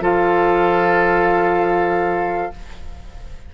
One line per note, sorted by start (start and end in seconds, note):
0.00 2.50 F3
0.00 2.51 F4
0.00 2.52 A4
0.00 2.54 F5